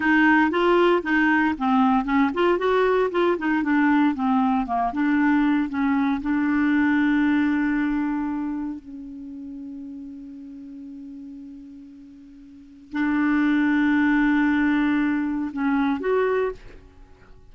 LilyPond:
\new Staff \with { instrumentName = "clarinet" } { \time 4/4 \tempo 4 = 116 dis'4 f'4 dis'4 c'4 | cis'8 f'8 fis'4 f'8 dis'8 d'4 | c'4 ais8 d'4. cis'4 | d'1~ |
d'4 cis'2.~ | cis'1~ | cis'4 d'2.~ | d'2 cis'4 fis'4 | }